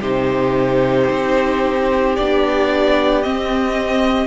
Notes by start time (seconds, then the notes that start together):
0.00 C3 D#4 G4 C5
1.11 C4
2.16 B3 D4 D5
3.23 C4 D#5